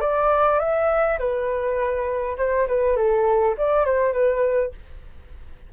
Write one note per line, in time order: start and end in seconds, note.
0.00 0.59 D5
0.59 1.18 E5
1.19 2.36 B4
2.37 2.67 C5
2.67 2.96 B4
2.96 3.55 A4
3.57 3.85 D5
3.85 4.13 C5
4.13 4.71 B4